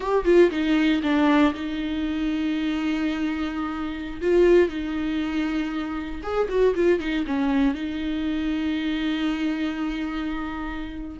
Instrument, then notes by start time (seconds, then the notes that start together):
viola
0.00 G4
0.24 F4
0.50 D#4
1.02 D4
1.53 D#4
4.21 F4
4.68 D#4
6.22 G#4
6.49 F#4
6.75 F4
6.99 D#4
7.26 C#4
7.74 D#4